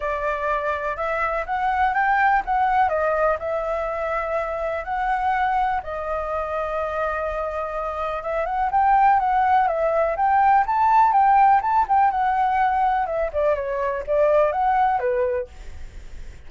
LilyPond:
\new Staff \with { instrumentName = "flute" } { \time 4/4 \tempo 4 = 124 d''2 e''4 fis''4 | g''4 fis''4 dis''4 e''4~ | e''2 fis''2 | dis''1~ |
dis''4 e''8 fis''8 g''4 fis''4 | e''4 g''4 a''4 g''4 | a''8 g''8 fis''2 e''8 d''8 | cis''4 d''4 fis''4 b'4 | }